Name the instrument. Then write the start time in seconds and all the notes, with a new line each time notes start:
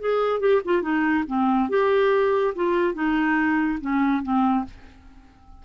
clarinet
0.00 G#4
0.40 G4
0.65 F4
0.82 D#4
1.27 C4
1.69 G4
2.55 F4
2.94 D#4
3.81 C#4
4.23 C4